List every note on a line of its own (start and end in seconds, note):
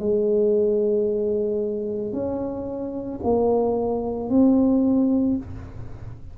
0.00 2.13 G#3
2.13 3.20 C#4
3.24 4.30 A#3
4.30 5.37 C4